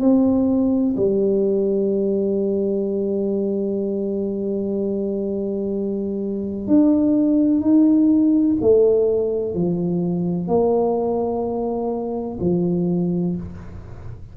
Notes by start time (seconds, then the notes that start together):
0.00 C4
0.97 G3
6.68 D4
7.61 D#4
8.61 A3
9.55 F3
10.48 A#3
12.40 F3